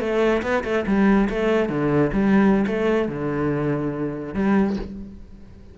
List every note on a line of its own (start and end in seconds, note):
0.00 0.42 A3
0.43 0.64 B3
0.64 0.85 A3
0.87 1.29 G3
1.30 1.69 A3
1.69 2.11 D3
2.13 2.66 G3
2.67 3.08 A3
3.08 4.34 D3
4.34 4.77 G3